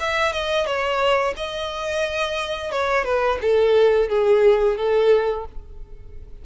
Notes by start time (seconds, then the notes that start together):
0.00 E5
0.33 D#5
0.66 C#5
1.37 D#5
2.72 C#5
3.05 B4
3.42 A4
4.09 G#4
4.77 A4